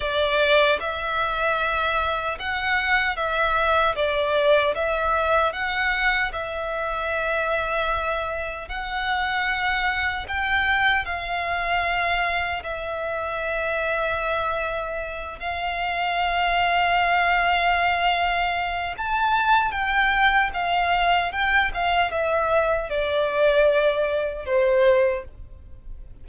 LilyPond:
\new Staff \with { instrumentName = "violin" } { \time 4/4 \tempo 4 = 76 d''4 e''2 fis''4 | e''4 d''4 e''4 fis''4 | e''2. fis''4~ | fis''4 g''4 f''2 |
e''2.~ e''8 f''8~ | f''1 | a''4 g''4 f''4 g''8 f''8 | e''4 d''2 c''4 | }